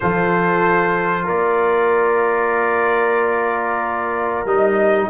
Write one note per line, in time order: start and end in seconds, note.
0.00 1.28 F3
0.00 4.47 F4
0.00 1.24 A4
0.00 1.27 C5
1.24 4.45 A#3
1.24 5.07 A#4
1.24 4.47 D5
4.45 5.08 G3
4.45 5.10 D#4
4.45 5.10 D#5